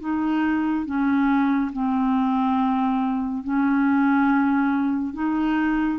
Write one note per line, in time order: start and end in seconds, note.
0.00 0.86 D#4
0.86 1.71 C#4
1.72 3.44 C4
3.44 5.14 C#4
5.14 5.99 D#4